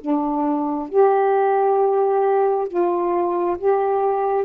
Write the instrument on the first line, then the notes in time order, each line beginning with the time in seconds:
saxophone
0.00 D4
0.89 G4
2.67 F4
3.57 G4